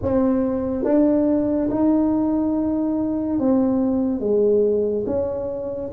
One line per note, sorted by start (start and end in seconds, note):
0.02 0.84 C4
0.84 1.69 D4
1.70 3.39 D#4
3.39 4.20 C4
4.20 5.04 G#3
5.06 5.90 C#4